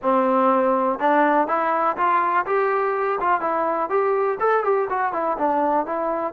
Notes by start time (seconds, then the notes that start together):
0.02 C4
0.99 D4
1.47 E4
1.96 F4
2.46 G4
3.20 F4
3.41 E4
3.89 G4
4.40 A4
4.64 G4
4.89 F#4
5.13 E4
5.38 D4
5.86 E4